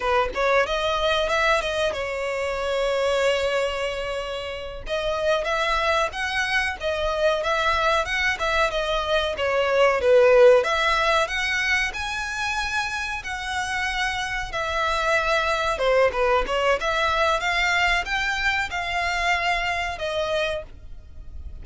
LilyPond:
\new Staff \with { instrumentName = "violin" } { \time 4/4 \tempo 4 = 93 b'8 cis''8 dis''4 e''8 dis''8 cis''4~ | cis''2.~ cis''8 dis''8~ | dis''8 e''4 fis''4 dis''4 e''8~ | e''8 fis''8 e''8 dis''4 cis''4 b'8~ |
b'8 e''4 fis''4 gis''4.~ | gis''8 fis''2 e''4.~ | e''8 c''8 b'8 cis''8 e''4 f''4 | g''4 f''2 dis''4 | }